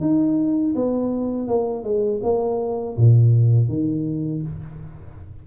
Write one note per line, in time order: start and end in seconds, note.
0.00 0.74 D#4
0.75 1.47 B3
1.47 1.83 A#3
1.83 2.20 G#3
2.23 2.97 A#3
2.97 3.68 A#2
3.68 4.42 D#3